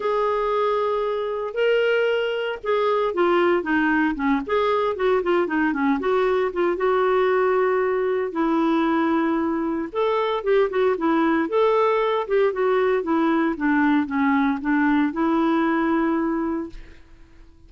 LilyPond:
\new Staff \with { instrumentName = "clarinet" } { \time 4/4 \tempo 4 = 115 gis'2. ais'4~ | ais'4 gis'4 f'4 dis'4 | cis'8 gis'4 fis'8 f'8 dis'8 cis'8 fis'8~ | fis'8 f'8 fis'2. |
e'2. a'4 | g'8 fis'8 e'4 a'4. g'8 | fis'4 e'4 d'4 cis'4 | d'4 e'2. | }